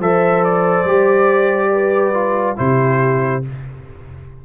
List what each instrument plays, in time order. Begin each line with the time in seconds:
0.00 tuba F3, trombone A4, horn C5, trumpet E5
0.44 trumpet D5
0.85 tuba G3, trombone G4
1.72 horn B4
2.14 trombone F4
2.57 tuba C3, trombone E4, horn G4, trumpet C5